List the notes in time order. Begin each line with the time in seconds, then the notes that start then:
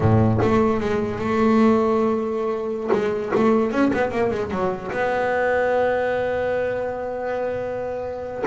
0.00 A2
0.42 A3
0.80 G#3
1.18 A3
2.92 G#3
3.35 A3
3.71 C#4
3.93 B3
4.11 A#3
4.30 G#3
4.50 F#3
4.91 B3